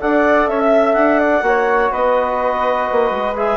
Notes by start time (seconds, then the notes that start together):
0.00 D4 A4 D5 F#5
0.48 C#4 C#5 E5
0.60 E5
0.94 D4 F#5
1.19 D5
1.42 A#3 F#4 C#5
1.92 B3 B4 D#5
2.92 A#3
3.11 G#3
3.36 G#4 E5